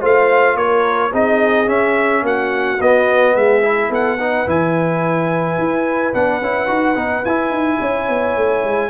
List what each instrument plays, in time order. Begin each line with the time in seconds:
0.00 tuba A3, trombone F4, horn C5, trumpet F5
0.55 tuba A#3, horn A#4, trumpet C#5
1.12 tuba C4, trombone D#4, horn G#4, trumpet D#5
1.66 trombone C#4, tuba C#4, trumpet E5
2.22 tuba A#3, horn F#4, trumpet F#5
2.80 tuba B3, trombone B3, trumpet D#5
3.35 tuba G#3, horn G#4, trumpet E5
3.62 trombone E4
3.89 tuba B3, horn A4, trumpet F#5
4.17 trombone D#4, horn B4
4.46 tuba E3, trombone E4, trumpet G#5
5.58 tuba E4
6.13 tuba B3, trombone D4, trumpet F#5
6.41 tuba C#4, trombone E4
6.67 tuba D#4, trombone F#4
6.95 tuba B3, trombone D#4
7.24 tuba E4, trombone E4, trumpet G#5
7.50 tuba D#4
7.80 tuba C#4, horn C#5
8.08 tuba B3
8.36 tuba A3
8.64 tuba G#3